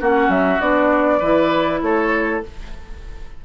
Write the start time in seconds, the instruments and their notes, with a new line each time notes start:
0.00 bassoon A#3, clarinet C#4, oboe F#4, flute F#5
0.28 bassoon F#3, flute E5
0.60 bassoon B3, clarinet D4, flute D5
1.19 bassoon E3, clarinet E4, oboe B4
1.82 bassoon A3, oboe A4, flute C#5